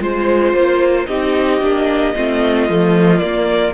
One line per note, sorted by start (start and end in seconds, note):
0.00 0.54 G#3
0.00 1.07 F4
0.00 1.07 C5
0.00 1.08 C5
0.54 1.07 A#3
1.07 1.61 C4
1.07 1.61 D#4
1.07 2.15 G4
1.07 3.20 D#5
1.61 2.15 A#3
1.61 2.15 D4
2.15 2.70 A3
2.15 2.69 C4
2.15 3.74 F4
2.69 3.22 F3
2.69 3.19 A3
3.19 3.72 A#3
3.19 3.74 A#3
3.19 3.73 D5